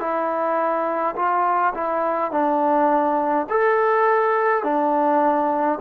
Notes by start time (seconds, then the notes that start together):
0.00 E4
1.16 F4
1.75 E4
2.31 D4
3.50 A4
4.64 D4